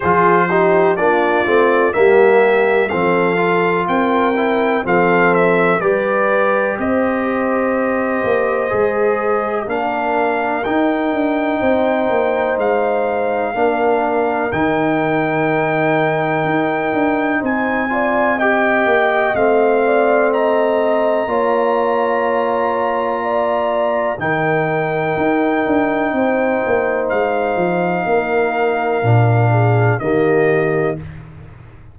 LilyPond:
<<
  \new Staff \with { instrumentName = "trumpet" } { \time 4/4 \tempo 4 = 62 c''4 d''4 e''4 f''4 | g''4 f''8 e''8 d''4 dis''4~ | dis''2 f''4 g''4~ | g''4 f''2 g''4~ |
g''2 gis''4 g''4 | f''4 ais''2.~ | ais''4 g''2. | f''2. dis''4 | }
  \new Staff \with { instrumentName = "horn" } { \time 4/4 gis'8 g'8 f'4 g'4 a'4 | ais'4 a'4 b'4 c''4~ | c''2 ais'2 | c''2 ais'2~ |
ais'2 c''8 d''8 dis''4~ | dis''8 d''8 dis''4 cis''2 | d''4 ais'2 c''4~ | c''4 ais'4. gis'8 g'4 | }
  \new Staff \with { instrumentName = "trombone" } { \time 4/4 f'8 dis'8 d'8 c'8 ais4 c'8 f'8~ | f'8 e'8 c'4 g'2~ | g'4 gis'4 d'4 dis'4~ | dis'2 d'4 dis'4~ |
dis'2~ dis'8 f'8 g'4 | c'2 f'2~ | f'4 dis'2.~ | dis'2 d'4 ais4 | }
  \new Staff \with { instrumentName = "tuba" } { \time 4/4 f4 ais8 a8 g4 f4 | c'4 f4 g4 c'4~ | c'8 ais8 gis4 ais4 dis'8 d'8 | c'8 ais8 gis4 ais4 dis4~ |
dis4 dis'8 d'8 c'4. ais8 | a2 ais2~ | ais4 dis4 dis'8 d'8 c'8 ais8 | gis8 f8 ais4 ais,4 dis4 | }
>>